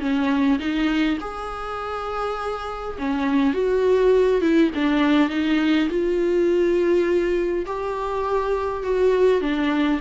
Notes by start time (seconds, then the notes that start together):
0.00 C#4
0.59 D#4
1.21 G#4
2.98 C#4
3.54 F#4
4.41 E4
4.75 D4
5.30 D#4
5.89 F4
7.66 G4
8.83 F#4
9.41 D4